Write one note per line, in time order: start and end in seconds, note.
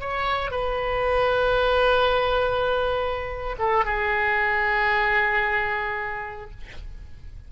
0.00 0.51 C#5
0.51 3.56 B4
3.58 3.85 A4
3.85 6.50 G#4